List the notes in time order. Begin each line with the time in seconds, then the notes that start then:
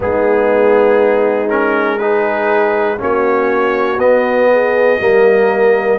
0.00 G#3 B3 D#4 G#4
1.49 C#4 A#4
1.95 D#4 G#4 B4
2.98 A#3 C#4 F#4 C#5
3.98 B3 D#5
4.51 G#4
4.99 G3 A#3 A#4